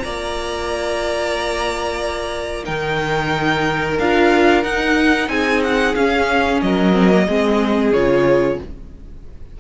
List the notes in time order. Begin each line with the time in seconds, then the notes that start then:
0.00 A#3 F4 D5 A#5
2.64 D#3 D#4 A#4 G5
3.99 D4 F4 F5
4.64 D#4 F#5
5.29 C4 G#4 G#5
5.64 F#5
5.95 C#4 F5
6.62 F#3 A#4 D#5
6.94 C4
7.10 A#3
7.27 G#3 C4 G#4
7.93 C#3 F4 C#5